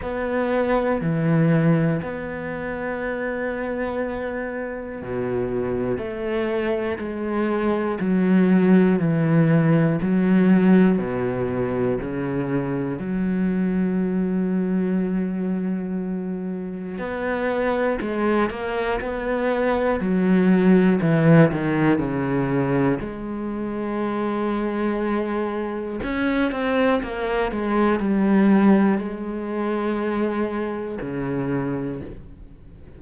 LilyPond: \new Staff \with { instrumentName = "cello" } { \time 4/4 \tempo 4 = 60 b4 e4 b2~ | b4 b,4 a4 gis4 | fis4 e4 fis4 b,4 | cis4 fis2.~ |
fis4 b4 gis8 ais8 b4 | fis4 e8 dis8 cis4 gis4~ | gis2 cis'8 c'8 ais8 gis8 | g4 gis2 cis4 | }